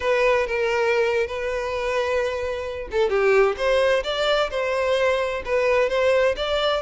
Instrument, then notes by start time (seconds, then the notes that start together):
violin
0.00 B4
0.46 A#4
1.26 B4
2.91 A4
3.09 G4
3.57 C5
4.03 D5
4.50 C5
5.45 B4
5.89 C5
6.36 D5